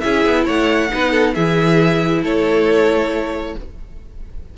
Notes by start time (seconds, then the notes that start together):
0.00 C#4 E4 G#4 E5
0.25 B3
0.44 A3 C#5 F#5
0.90 B3 D#4 B4
1.10 A4
1.34 E3 E4 G#4 E5
2.22 A3 A4 C#5